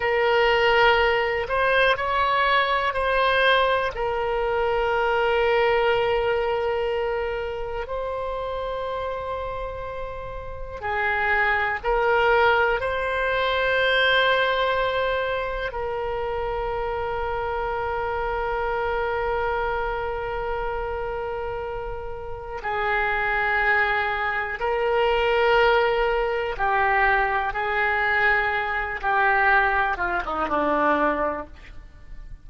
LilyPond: \new Staff \with { instrumentName = "oboe" } { \time 4/4 \tempo 4 = 61 ais'4. c''8 cis''4 c''4 | ais'1 | c''2. gis'4 | ais'4 c''2. |
ais'1~ | ais'2. gis'4~ | gis'4 ais'2 g'4 | gis'4. g'4 f'16 dis'16 d'4 | }